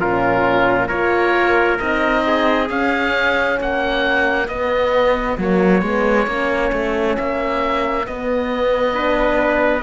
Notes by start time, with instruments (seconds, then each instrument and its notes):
0.00 cello A#2, horn C#4, trumpet F4, oboe A#4
0.88 cello A#3, horn F4, trumpet A#4, oboe C#5
1.79 cello C4, horn D#4, oboe D#5
2.27 trumpet G#4
2.70 horn C#4, cello C#4, oboe F5
3.60 cello A#3, trumpet F#4, oboe F#5
4.48 cello B3, horn B3, oboe D#5
5.38 cello F#3, horn A#3, oboe C#5
5.83 cello G#3, horn B3
6.27 cello A#3, horn C#4
6.73 cello A3
7.17 cello A#3, oboe E5
8.07 horn B3, cello B3, oboe D#5
8.93 horn D4, trumpet B4